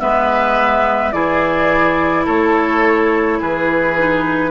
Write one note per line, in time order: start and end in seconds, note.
0.00 1.13 G#3
0.00 1.13 B3
0.00 1.14 B4
0.00 1.12 E5
1.12 2.26 E3
1.12 3.96 E4
1.12 2.25 G#4
1.12 2.26 D5
2.25 3.41 A3
2.25 3.38 A4
2.25 3.42 C#5
3.41 4.51 E3
3.41 4.51 G#4
3.41 4.51 B4
3.98 4.51 D#4